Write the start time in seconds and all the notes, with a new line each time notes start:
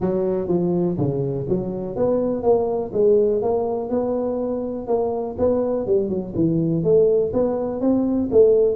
0.00 F#3
0.48 F3
0.98 C#3
1.48 F#3
1.96 B3
2.43 A#3
2.93 G#3
3.42 A#3
3.89 B3
4.87 A#3
5.38 B3
5.86 G3
6.09 F#3
6.35 E3
6.83 A3
7.33 B3
7.80 C4
8.31 A3